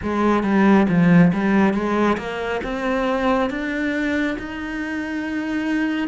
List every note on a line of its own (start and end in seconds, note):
0.02 0.43 G#3
0.43 0.86 G3
0.88 1.32 F3
1.33 1.74 G3
1.74 2.17 G#3
2.17 2.60 A#3
2.63 3.49 C4
3.49 4.36 D4
4.38 6.08 D#4